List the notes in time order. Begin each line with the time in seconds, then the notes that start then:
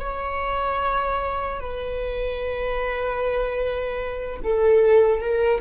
0.00 C#5
1.60 B4
4.43 A4
5.21 A#4